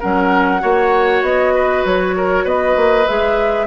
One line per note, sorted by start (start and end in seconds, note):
0.00 0.63 F#3
0.00 0.60 C#4
0.00 0.61 A#4
0.00 1.24 F#5
0.60 1.22 A#3
0.60 3.05 F#4
0.60 1.54 C#5
1.22 1.83 B3
1.22 1.85 D#5
1.54 2.15 B4
1.85 2.45 F#3
1.85 2.47 C#5
2.17 2.44 A#4
2.44 2.75 B3
2.44 3.67 B4
2.44 3.07 D#5
2.76 3.06 A#3
3.07 3.67 G#3
3.07 3.67 G#4
3.07 3.67 E5